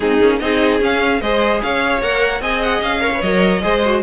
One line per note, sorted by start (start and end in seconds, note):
0.00 0.18 G#3
0.00 0.21 C4
0.00 0.40 D#4
0.00 0.39 G#4
0.21 0.41 A#3
0.21 0.40 C#4
0.39 0.80 C4
0.39 0.80 D#4
0.39 1.21 G#4
0.39 0.79 D#5
0.80 1.20 C#4
0.80 1.21 C#4
0.80 1.21 F5
1.21 1.61 G#3
1.21 2.02 G#4
1.21 1.61 C5
1.21 1.61 D#5
1.62 2.01 C#4
1.62 2.41 C#5
1.62 2.01 F5
2.01 2.40 A#3
2.01 2.41 A#4
2.01 2.42 F#5
2.40 2.80 C4
2.40 3.01 G#4
2.40 3.01 D#5
2.40 2.62 G#5
2.62 2.82 F#5
2.81 3.21 C#4
2.81 3.21 F5
3.01 3.11 A#4
3.01 3.61 C#5
3.14 3.24 B4
3.21 3.62 F#3
3.21 3.61 A#4
3.21 4.02 D#5
3.61 4.02 G#3
3.61 3.81 G#4
3.61 4.02 C5
3.85 4.02 F#4